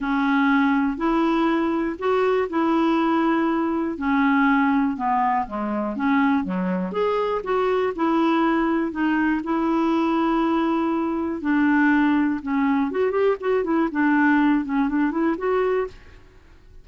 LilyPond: \new Staff \with { instrumentName = "clarinet" } { \time 4/4 \tempo 4 = 121 cis'2 e'2 | fis'4 e'2. | cis'2 b4 gis4 | cis'4 fis4 gis'4 fis'4 |
e'2 dis'4 e'4~ | e'2. d'4~ | d'4 cis'4 fis'8 g'8 fis'8 e'8 | d'4. cis'8 d'8 e'8 fis'4 | }